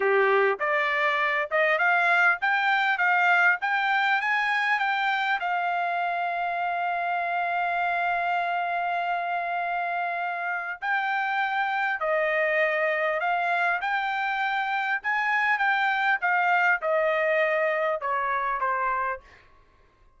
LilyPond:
\new Staff \with { instrumentName = "trumpet" } { \time 4/4 \tempo 4 = 100 g'4 d''4. dis''8 f''4 | g''4 f''4 g''4 gis''4 | g''4 f''2.~ | f''1~ |
f''2 g''2 | dis''2 f''4 g''4~ | g''4 gis''4 g''4 f''4 | dis''2 cis''4 c''4 | }